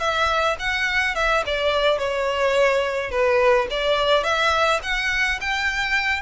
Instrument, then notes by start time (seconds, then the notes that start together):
violin
0.00 E5
0.59 F#5
1.16 E5
1.46 D5
1.99 C#5
3.11 B4
3.71 D5
4.24 E5
4.83 F#5
5.41 G5